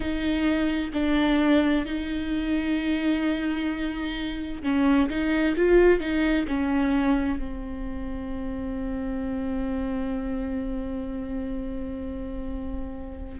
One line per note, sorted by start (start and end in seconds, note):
0.00 0.91 D#4
0.93 1.85 D4
1.85 4.62 D#4
4.62 5.09 C#4
5.09 5.56 D#4
5.56 6.00 F4
6.00 6.46 D#4
6.47 7.38 C#4
7.38 13.38 C4